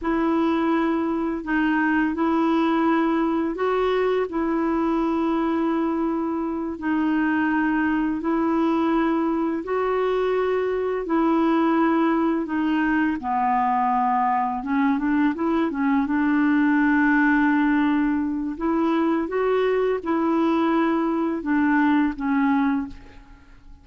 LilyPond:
\new Staff \with { instrumentName = "clarinet" } { \time 4/4 \tempo 4 = 84 e'2 dis'4 e'4~ | e'4 fis'4 e'2~ | e'4. dis'2 e'8~ | e'4. fis'2 e'8~ |
e'4. dis'4 b4.~ | b8 cis'8 d'8 e'8 cis'8 d'4.~ | d'2 e'4 fis'4 | e'2 d'4 cis'4 | }